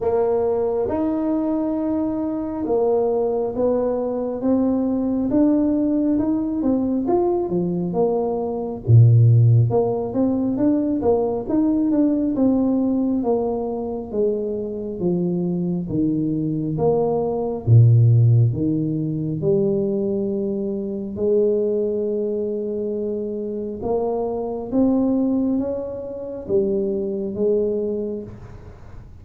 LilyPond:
\new Staff \with { instrumentName = "tuba" } { \time 4/4 \tempo 4 = 68 ais4 dis'2 ais4 | b4 c'4 d'4 dis'8 c'8 | f'8 f8 ais4 ais,4 ais8 c'8 | d'8 ais8 dis'8 d'8 c'4 ais4 |
gis4 f4 dis4 ais4 | ais,4 dis4 g2 | gis2. ais4 | c'4 cis'4 g4 gis4 | }